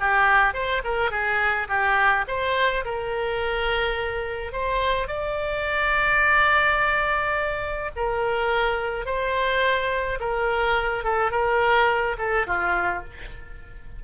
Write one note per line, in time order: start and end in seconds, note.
0.00 0.54 G4
0.54 0.82 C5
0.84 1.11 A#4
1.11 1.68 G#4
1.69 2.25 G4
2.28 2.85 C5
2.85 4.53 A#4
4.53 5.08 C5
5.08 7.91 D5
7.96 9.06 A#4
9.06 10.19 C5
10.20 11.04 A#4
11.04 11.32 A4
11.32 12.16 A#4
12.18 12.47 A4
12.47 13.04 F4